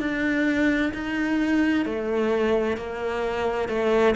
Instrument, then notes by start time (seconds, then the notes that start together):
cello
0.00 D4
0.94 D#4
1.85 A3
2.77 A#3
3.68 A3